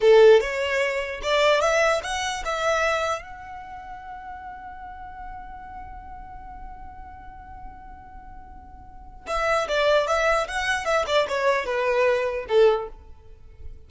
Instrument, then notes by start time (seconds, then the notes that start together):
violin
0.00 A4
0.40 C#5
1.22 D5
1.61 E5
2.03 F#5
2.45 E5
3.22 F#5
9.27 E5
9.68 D5
10.07 E5
10.47 F#5
10.85 E5
11.06 D5
11.28 C#5
11.65 B4
12.48 A4